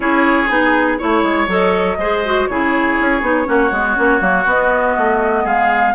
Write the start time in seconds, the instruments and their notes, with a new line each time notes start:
0.00 bassoon C#4, clarinet E4, oboe G#4, flute C#5
0.48 bassoon B3, clarinet D#4, flute G#4
0.98 bassoon A3, clarinet E4, oboe C#5, flute C#5
1.22 bassoon G#3
1.47 bassoon F#3, clarinet A4, flute D#5
1.97 bassoon G#3, clarinet G#4, oboe C5
2.25 clarinet F#4
2.46 bassoon C#3, clarinet E4, oboe G#4, flute C#5
2.99 bassoon C#4
3.21 bassoon B3, clarinet D#4
3.45 bassoon A#3, clarinet C#4, oboe F#4
3.71 bassoon G#3, clarinet B3
3.96 bassoon A#3, clarinet C#4
4.19 bassoon F#3, clarinet A#3
4.45 bassoon B3, clarinet B3, flute D#5
4.97 bassoon A3
5.44 bassoon G#3, oboe G#4, flute F5